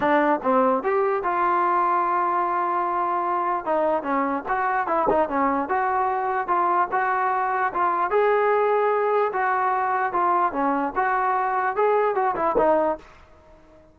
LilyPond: \new Staff \with { instrumentName = "trombone" } { \time 4/4 \tempo 4 = 148 d'4 c'4 g'4 f'4~ | f'1~ | f'4 dis'4 cis'4 fis'4 | e'8 dis'8 cis'4 fis'2 |
f'4 fis'2 f'4 | gis'2. fis'4~ | fis'4 f'4 cis'4 fis'4~ | fis'4 gis'4 fis'8 e'8 dis'4 | }